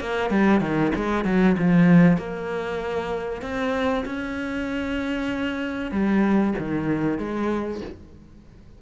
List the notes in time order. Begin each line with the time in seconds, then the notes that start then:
0.00 A#3
0.30 G3
0.60 D#3
0.95 G#3
1.25 F#3
1.58 F3
2.17 A#3
3.42 C4
4.05 C#4
5.91 G3
6.58 D#3
7.18 G#3